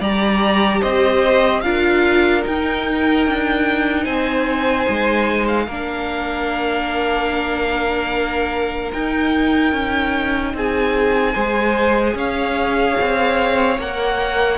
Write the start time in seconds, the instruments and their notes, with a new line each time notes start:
0.00 cello G3, viola G4, violin D5 A#5
0.80 cello C4, violin C5 D#5
1.61 cello D4, viola F4, violin A#4 F5
2.42 viola D#4, cello D#4, violin G5
3.27 cello D4
4.03 cello C4, violin C5 G#5
4.89 cello G#3
5.47 violin F5
5.66 cello A#3, viola D4, violin A#4
8.92 cello D#4, viola D#4, violin G5
9.72 cello C#4
10.53 cello C4, violin G#4 G#5
11.33 cello G#3, viola G#4, violin C5
12.14 cello C#4, violin C#5 F5
13.01 cello C4
13.78 cello A#3, viola A#4, violin F#5